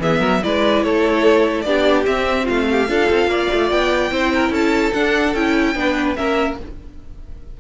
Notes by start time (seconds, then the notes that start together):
0.00 E3 B3 G#4 E5
0.20 F#3 A#4
0.43 G#3 E4 B4 D5
0.83 A3 A4 C#5
1.62 B3 D4 G4 D5
2.04 C4 E5
2.44 A3 F4 F5
2.71 G4
2.88 D4 F4 A4
3.10 C4
3.27 A#3 D5
3.53 A3
3.71 B3 G5
4.11 C4 E4 C5
4.35 A#4
4.50 C#4 A4 A5
4.93 D4 F#5
5.34 C#4 E4 G5
5.75 B3 D4 B4
6.16 A#3 C#4 A#4 E5